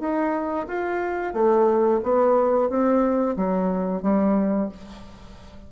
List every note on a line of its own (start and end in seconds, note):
0.00 0.67 D#4
0.68 1.34 F4
1.34 2.01 A3
2.04 2.70 B3
2.70 3.36 C4
3.37 4.03 F#3
4.03 4.69 G3